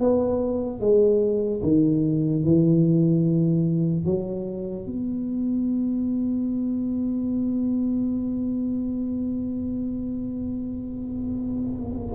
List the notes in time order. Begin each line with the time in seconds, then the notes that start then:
0.00 B3
0.80 G#3
1.62 D#3
2.43 E3
4.05 F#3
4.86 B3